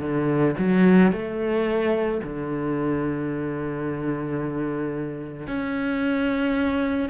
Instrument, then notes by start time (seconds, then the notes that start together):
cello
0.00 D3
0.58 F#3
1.12 A3
2.23 D3
5.46 C#4